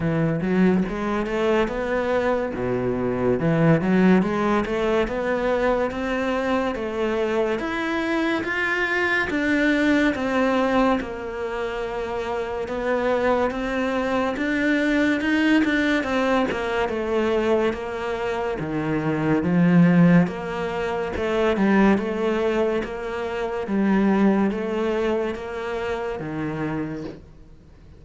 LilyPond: \new Staff \with { instrumentName = "cello" } { \time 4/4 \tempo 4 = 71 e8 fis8 gis8 a8 b4 b,4 | e8 fis8 gis8 a8 b4 c'4 | a4 e'4 f'4 d'4 | c'4 ais2 b4 |
c'4 d'4 dis'8 d'8 c'8 ais8 | a4 ais4 dis4 f4 | ais4 a8 g8 a4 ais4 | g4 a4 ais4 dis4 | }